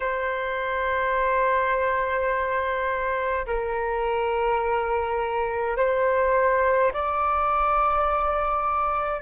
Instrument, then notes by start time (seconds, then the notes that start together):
flute
0.00 C5
3.46 A#4
5.76 C5
6.93 D5